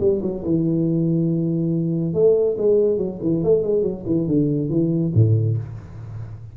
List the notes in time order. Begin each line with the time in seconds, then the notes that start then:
0.00 G3
0.22 F#3
0.44 E3
2.14 A3
2.58 G#3
2.98 F#3
3.22 E3
3.44 A3
3.63 G#3
3.83 F#3
4.06 E3
4.27 D3
4.69 E3
5.14 A2